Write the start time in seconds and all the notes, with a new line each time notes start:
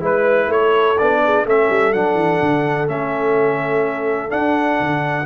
0.00 G#3 E4 B4
0.47 A3 A4 C#5
0.98 B3 D4 D5
1.24 G#4
1.45 A3 C#4 A4 E5
1.69 G3
1.92 F#3 D4 F#5
2.14 E3
2.42 D3
2.87 A3 C#4 E5
4.29 D4 F#5
4.80 D3